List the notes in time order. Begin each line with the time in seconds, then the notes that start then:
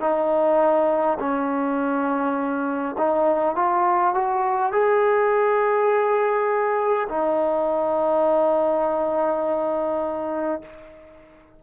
0.00 D#4
1.19 C#4
2.98 D#4
3.56 F4
4.14 F#4
4.72 G#4
7.09 D#4